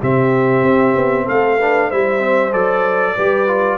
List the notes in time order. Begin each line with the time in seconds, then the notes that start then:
0.00 C3 C4 G4 E5
0.63 C4
0.96 B3
1.25 A3 A4 F5
1.58 D4 B4
1.87 G3 E4 C5 E5
2.19 C4
2.52 F#3 A4 D5
3.15 G3 G4 B4
3.48 F4